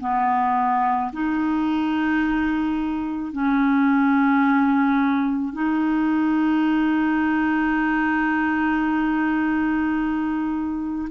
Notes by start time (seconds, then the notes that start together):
0.00 B3
1.12 D#4
3.32 C#4
5.53 D#4